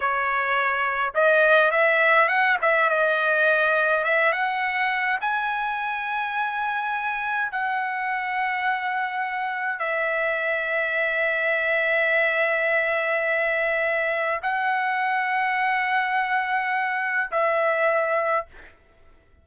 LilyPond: \new Staff \with { instrumentName = "trumpet" } { \time 4/4 \tempo 4 = 104 cis''2 dis''4 e''4 | fis''8 e''8 dis''2 e''8 fis''8~ | fis''4 gis''2.~ | gis''4 fis''2.~ |
fis''4 e''2.~ | e''1~ | e''4 fis''2.~ | fis''2 e''2 | }